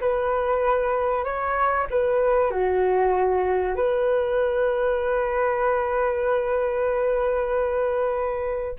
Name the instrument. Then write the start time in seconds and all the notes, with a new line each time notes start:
flute
0.00 B4
1.24 C#5
1.90 B4
2.50 F#4
3.76 B4